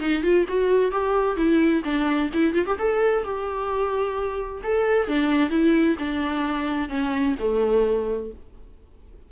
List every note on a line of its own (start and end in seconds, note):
0.00 0.23 D#4
0.23 0.46 F4
0.48 0.91 F#4
0.91 1.37 G4
1.37 1.83 E4
1.84 2.31 D4
2.34 2.54 E4
2.54 2.66 F4
2.66 2.78 G4
2.79 3.24 A4
3.24 4.62 G4
4.64 5.08 A4
5.08 5.50 D4
5.50 5.96 E4
5.99 6.89 D4
6.89 7.36 C#4
7.39 8.32 A3